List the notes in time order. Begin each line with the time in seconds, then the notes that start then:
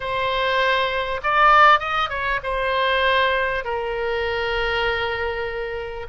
0.00 C5
1.23 D5
1.79 D#5
2.09 C#5
2.43 C5
3.64 A#4